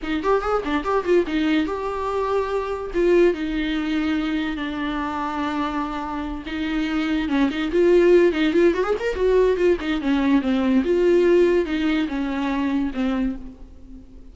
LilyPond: \new Staff \with { instrumentName = "viola" } { \time 4/4 \tempo 4 = 144 dis'8 g'8 gis'8 d'8 g'8 f'8 dis'4 | g'2. f'4 | dis'2. d'4~ | d'2.~ d'8 dis'8~ |
dis'4. cis'8 dis'8 f'4. | dis'8 f'8 fis'16 gis'16 ais'8 fis'4 f'8 dis'8 | cis'4 c'4 f'2 | dis'4 cis'2 c'4 | }